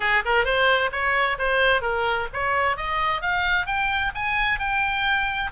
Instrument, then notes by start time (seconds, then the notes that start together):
oboe
0.00 G#4
0.25 A#4
0.44 C5
0.91 C#5
1.38 C5
1.81 A#4
2.33 C#5
2.76 D#5
3.21 F5
3.66 G5
4.14 G#5
4.59 G5